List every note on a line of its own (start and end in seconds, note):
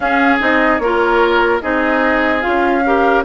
0.00 0.40 C#4
0.00 0.39 C#4
0.00 0.82 G#4
0.00 0.37 F5
0.39 0.79 C4
0.39 0.80 D#4
0.39 0.78 D#5
0.78 1.60 A#3
0.78 1.61 F4
0.78 1.62 A#4
0.78 1.59 C#5
1.61 2.44 C4
1.61 2.41 D#4
1.61 2.84 G#4
1.61 2.41 D#5
2.41 3.24 C#4
2.41 2.81 F4
2.41 3.22 F5
2.85 3.24 G4
2.85 3.24 A#4